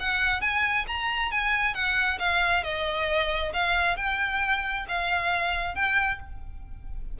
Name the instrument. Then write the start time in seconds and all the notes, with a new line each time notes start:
violin
0.00 F#5
0.41 G#5
0.88 A#5
1.32 G#5
1.75 F#5
2.20 F5
2.64 D#5
3.54 F5
3.97 G5
4.88 F5
5.75 G5